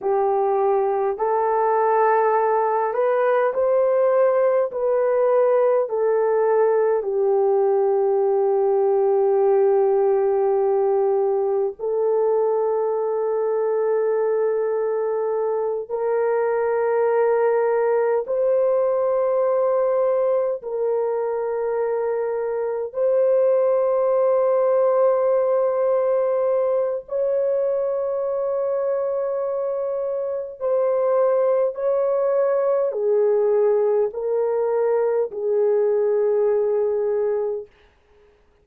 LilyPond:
\new Staff \with { instrumentName = "horn" } { \time 4/4 \tempo 4 = 51 g'4 a'4. b'8 c''4 | b'4 a'4 g'2~ | g'2 a'2~ | a'4. ais'2 c''8~ |
c''4. ais'2 c''8~ | c''2. cis''4~ | cis''2 c''4 cis''4 | gis'4 ais'4 gis'2 | }